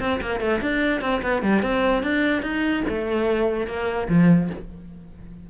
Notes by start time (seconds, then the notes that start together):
0.00 C4
0.21 A#3
0.40 A3
0.61 D4
1.01 C4
1.22 B3
1.43 G3
1.63 C4
2.03 D4
2.43 D#4
2.89 A3
3.67 A#3
4.09 F3